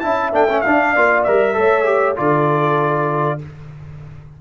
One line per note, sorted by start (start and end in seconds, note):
0.00 0.33 C#4
0.00 0.32 E4
0.00 0.91 E5
0.00 0.31 A5
0.32 0.63 A3
0.32 0.48 D4
0.32 0.61 G5
0.50 0.65 C#4
0.61 0.97 D4
0.61 0.96 D4
0.61 1.22 F5
0.91 1.27 A#3
0.91 1.27 F4
0.91 1.53 D5
1.24 1.58 G3
1.24 1.54 A#4
1.24 2.16 E5
1.54 2.18 A3
1.54 1.85 A4
1.54 2.18 C#5
1.85 2.15 G4
2.16 3.41 D3
2.16 3.39 F4
2.16 3.41 A4
2.16 3.40 D5